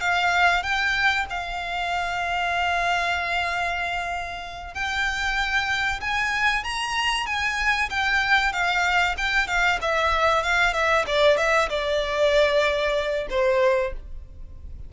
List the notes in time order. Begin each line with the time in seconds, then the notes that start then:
0.00 F5
0.62 G5
1.29 F5
4.74 G5
6.00 G#5
6.63 A#5
7.26 G#5
7.89 G5
8.52 F5
9.17 G5
9.47 F5
9.81 E5
10.43 F5
10.73 E5
11.06 D5
11.37 E5
11.69 D5
13.29 C5